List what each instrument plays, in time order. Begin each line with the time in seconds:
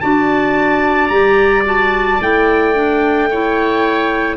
0.00 tuba D4, clarinet F#4, oboe D5, trumpet A5
1.07 tuba G3, clarinet G4, trumpet A#5
1.64 clarinet F#4, trumpet A5
2.20 tuba A3, clarinet E4, trumpet G5
2.74 clarinet D4
3.30 clarinet E4, oboe C#5